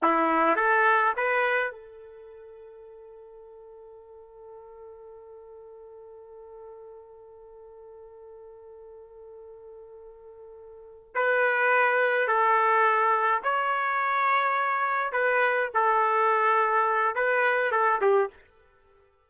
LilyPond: \new Staff \with { instrumentName = "trumpet" } { \time 4/4 \tempo 4 = 105 e'4 a'4 b'4 a'4~ | a'1~ | a'1~ | a'1~ |
a'2.~ a'8 b'8~ | b'4. a'2 cis''8~ | cis''2~ cis''8 b'4 a'8~ | a'2 b'4 a'8 g'8 | }